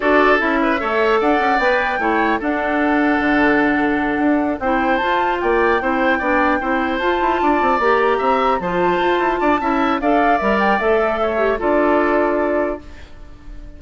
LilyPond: <<
  \new Staff \with { instrumentName = "flute" } { \time 4/4 \tempo 4 = 150 d''4 e''2 fis''4 | g''2 fis''2~ | fis''2.~ fis''8 g''8~ | g''8 a''4 g''2~ g''8~ |
g''4. a''2 ais''8~ | ais''4. a''2~ a''8~ | a''4 f''4 e''8 g''8 e''4~ | e''4 d''2. | }
  \new Staff \with { instrumentName = "oboe" } { \time 4/4 a'4. b'8 cis''4 d''4~ | d''4 cis''4 a'2~ | a'2.~ a'8 c''8~ | c''4. d''4 c''4 d''8~ |
d''8 c''2 d''4.~ | d''8 e''4 c''2 d''8 | e''4 d''2. | cis''4 a'2. | }
  \new Staff \with { instrumentName = "clarinet" } { \time 4/4 fis'4 e'4 a'2 | b'4 e'4 d'2~ | d'2.~ d'8 e'8~ | e'8 f'2 e'4 d'8~ |
d'8 e'4 f'2 g'8~ | g'4. f'2~ f'8 | e'4 a'4 ais'4 a'4~ | a'8 g'8 f'2. | }
  \new Staff \with { instrumentName = "bassoon" } { \time 4/4 d'4 cis'4 a4 d'8 cis'8 | b4 a4 d'2 | d2~ d8 d'4 c'8~ | c'8 f'4 ais4 c'4 b8~ |
b8 c'4 f'8 e'8 d'8 c'8 ais8~ | ais8 c'4 f4 f'8 e'8 d'8 | cis'4 d'4 g4 a4~ | a4 d'2. | }
>>